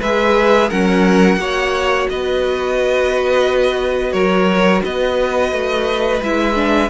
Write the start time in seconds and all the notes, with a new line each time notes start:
0.00 G#3 G#4 B4 E5
0.69 F#3 C#4 A#4 F#5
1.37 A#3 F#4 C#5
2.09 B3 B4 D#5
4.12 F#3 A#4 C#5
4.84 B3 B4 D#5
5.52 A3
6.21 G#3 E4 E5
6.54 D4